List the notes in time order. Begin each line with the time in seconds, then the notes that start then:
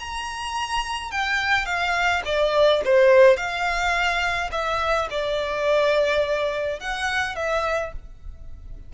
0.00 A#5
1.12 G5
1.66 F5
2.26 D5
2.85 C5
3.37 F5
4.52 E5
5.11 D5
6.80 F#5
7.36 E5